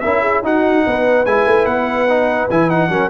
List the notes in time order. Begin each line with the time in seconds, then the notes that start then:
0.00 C#4 E4 A#4 E5
0.21 G#4
0.42 D#4 F#4 F#5
0.86 B3 B4
1.25 G#3 E4 G#5
1.46 A3
1.65 B3 F#5
2.08 D#4
2.50 E3 E4 G#5
2.69 D#4 F#5
2.89 F#3 C#4 A#4